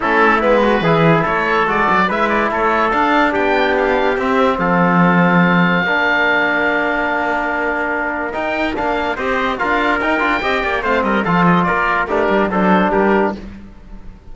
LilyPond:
<<
  \new Staff \with { instrumentName = "oboe" } { \time 4/4 \tempo 4 = 144 a'4 b'2 cis''4 | d''4 e''8 d''8 cis''4 f''4 | g''4 f''4 e''4 f''4~ | f''1~ |
f''1 | g''4 f''4 dis''4 f''4 | g''2 f''8 dis''8 f''8 dis''8 | d''4 ais'4 c''4 ais'4 | }
  \new Staff \with { instrumentName = "trumpet" } { \time 4/4 e'4. fis'8 gis'4 a'4~ | a'4 b'4 a'2 | g'2. a'4~ | a'2 ais'2~ |
ais'1~ | ais'2 c''4 ais'4~ | ais'4 dis''8 d''8 c''8 ais'8 a'4 | ais'4 d'4 a'4 g'4 | }
  \new Staff \with { instrumentName = "trombone" } { \time 4/4 cis'4 b4 e'2 | fis'4 e'2 d'4~ | d'2 c'2~ | c'2 d'2~ |
d'1 | dis'4 d'4 g'4 f'4 | dis'8 f'8 g'4 c'4 f'4~ | f'4 g'4 d'2 | }
  \new Staff \with { instrumentName = "cello" } { \time 4/4 a4 gis4 e4 a4 | gis8 fis8 gis4 a4 d'4 | b2 c'4 f4~ | f2 ais2~ |
ais1 | dis'4 ais4 c'4 d'4 | dis'8 d'8 c'8 ais8 a8 g8 f4 | ais4 a8 g8 fis4 g4 | }
>>